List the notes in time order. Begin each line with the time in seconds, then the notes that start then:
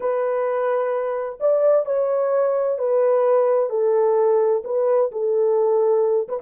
0.00 B4
1.40 D5
1.85 C#5
2.78 B4
3.69 A4
4.64 B4
5.11 A4
6.28 B4